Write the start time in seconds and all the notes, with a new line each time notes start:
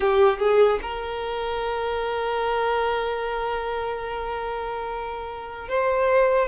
0.00 G4
0.38 G#4
0.81 A#4
5.68 C5